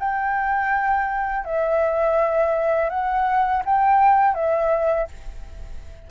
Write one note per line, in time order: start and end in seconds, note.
0.00 1.45 G5
1.45 2.90 E5
2.90 3.63 F#5
3.66 4.35 G5
4.35 5.08 E5